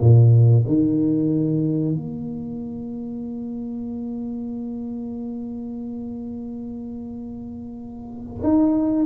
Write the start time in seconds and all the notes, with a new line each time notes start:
0.00 A#2
0.67 D#3
1.96 A#3
8.43 D#4